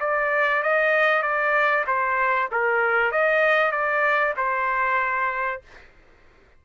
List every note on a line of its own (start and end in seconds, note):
0.00 0.62 D5
0.62 1.22 D#5
1.22 1.85 D5
1.87 2.49 C5
2.51 3.12 A#4
3.12 3.72 D#5
3.72 4.34 D5
4.36 5.61 C5